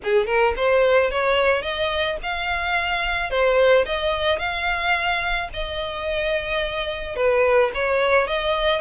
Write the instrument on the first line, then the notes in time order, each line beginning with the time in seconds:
violin
0.03 G#4
0.26 A#4
0.56 C5
1.10 C#5
1.61 D#5
2.22 F5
3.30 C5
3.85 D#5
4.38 F5
5.53 D#5
7.16 B4
7.74 C#5
8.27 D#5